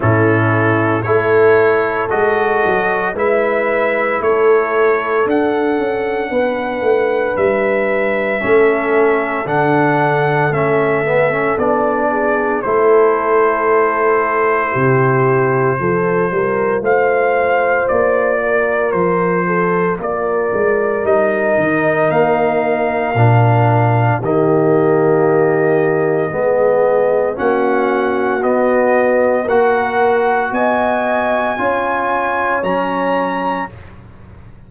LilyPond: <<
  \new Staff \with { instrumentName = "trumpet" } { \time 4/4 \tempo 4 = 57 a'4 cis''4 dis''4 e''4 | cis''4 fis''2 e''4~ | e''4 fis''4 e''4 d''4 | c''1 |
f''4 d''4 c''4 d''4 | dis''4 f''2 dis''4~ | dis''2 fis''4 dis''4 | fis''4 gis''2 ais''4 | }
  \new Staff \with { instrumentName = "horn" } { \time 4/4 e'4 a'2 b'4 | a'2 b'2 | a'2.~ a'8 gis'8 | a'2 g'4 a'8 ais'8 |
c''4. ais'4 a'8 ais'4~ | ais'2. g'4~ | g'4 gis'4 fis'2 | ais'4 dis''4 cis''2 | }
  \new Staff \with { instrumentName = "trombone" } { \time 4/4 cis'4 e'4 fis'4 e'4~ | e'4 d'2. | cis'4 d'4 cis'8 b16 cis'16 d'4 | e'2. f'4~ |
f'1 | dis'2 d'4 ais4~ | ais4 b4 cis'4 b4 | fis'2 f'4 cis'4 | }
  \new Staff \with { instrumentName = "tuba" } { \time 4/4 a,4 a4 gis8 fis8 gis4 | a4 d'8 cis'8 b8 a8 g4 | a4 d4 a4 b4 | a2 c4 f8 g8 |
a4 ais4 f4 ais8 gis8 | g8 dis8 ais4 ais,4 dis4~ | dis4 gis4 ais4 b4 | ais4 b4 cis'4 fis4 | }
>>